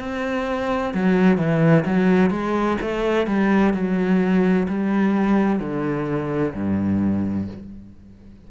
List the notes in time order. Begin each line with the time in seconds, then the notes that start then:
0.00 C4
0.95 F#3
1.38 E3
1.86 F#3
2.31 G#3
2.82 A3
3.27 G3
3.74 F#3
4.69 G3
5.60 D3
6.55 G2